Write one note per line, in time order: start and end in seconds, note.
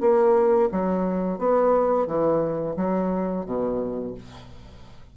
0.00 0.69 A#3
0.71 1.38 F#3
1.38 2.06 B3
2.06 2.75 E3
2.76 3.45 F#3
3.45 4.14 B2